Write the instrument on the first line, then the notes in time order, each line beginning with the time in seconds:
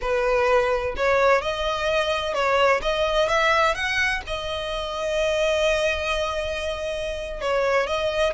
violin
0.01 B4
0.96 C#5
1.41 D#5
2.34 C#5
2.81 D#5
3.28 E5
3.75 F#5
4.27 D#5
7.41 C#5
7.86 D#5